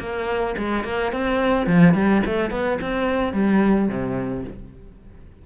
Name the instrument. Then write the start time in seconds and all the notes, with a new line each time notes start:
cello
0.00 A#3
0.58 G#3
0.84 A#3
1.12 C4
1.66 F3
1.94 G3
2.26 A3
2.51 B3
2.81 C4
3.33 G3
3.88 C3